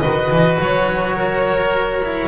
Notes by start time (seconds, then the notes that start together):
0.00 D#3 F#4 B4 D#5
0.30 E3
0.60 F#3 C#5
1.16 A#4
2.03 E4